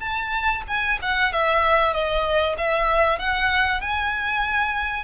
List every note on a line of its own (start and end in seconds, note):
0.00 0.62 A5
0.67 0.99 G#5
1.02 1.32 F#5
1.32 1.93 E5
1.93 2.56 D#5
2.58 3.19 E5
3.19 3.81 F#5
3.81 5.04 G#5